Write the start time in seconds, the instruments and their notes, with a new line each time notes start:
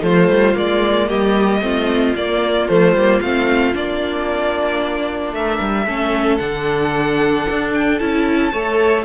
0.00 cello F3, viola A3, violin F4 C5
0.29 cello G3
0.54 cello G#3, viola A#3, violin D5
1.08 cello G3, violin G4 D#5
1.61 cello A3, viola C4, violin F4
2.15 cello A#3, viola A#3, violin D5
2.68 cello F3, viola A3, violin C5
2.93 cello G3, viola A#3
3.21 cello A3, viola C4, violin F5
3.73 cello A#3, viola D4, violin D5
5.32 cello A3, violin A#4 E5
5.60 cello G3
5.86 cello A3, viola C#4, violin A4
6.37 cello D3, viola D4, violin F#5
7.50 cello D4
7.74 violin G5
7.98 cello C#4, viola E4, violin A5
8.52 cello A3, viola A4, violin C#5